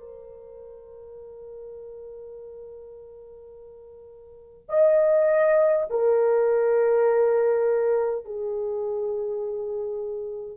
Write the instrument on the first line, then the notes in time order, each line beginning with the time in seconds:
horn
0.00 A#4
4.70 D#5
5.90 A#4
8.26 G#4